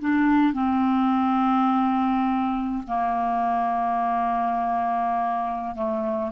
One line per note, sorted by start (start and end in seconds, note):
0.00 0.53 D4
0.53 2.84 C4
2.88 5.75 A#3
5.75 6.32 A3